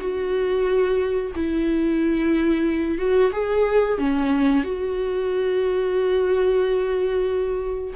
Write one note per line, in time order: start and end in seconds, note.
0.00 1.32 F#4
1.35 2.98 E4
2.98 3.31 F#4
3.32 3.98 G#4
3.98 4.64 C#4
4.64 7.94 F#4